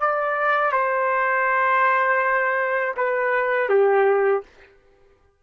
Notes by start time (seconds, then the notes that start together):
0.00 D5
0.72 C5
2.97 B4
3.69 G4